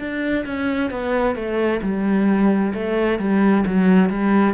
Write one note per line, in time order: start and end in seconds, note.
0.00 0.45 D4
0.46 0.91 C#4
0.91 1.36 B3
1.36 1.81 A3
1.83 2.74 G3
2.74 3.19 A3
3.19 3.65 G3
3.67 4.10 F#3
4.10 4.55 G3